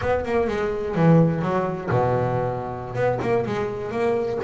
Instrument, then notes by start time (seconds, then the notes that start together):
double bass
0.01 B3
0.25 A#3
0.47 G#3
0.95 E3
1.42 F#3
1.90 B2
2.95 B3
3.21 A#3
3.45 G#3
3.91 A#3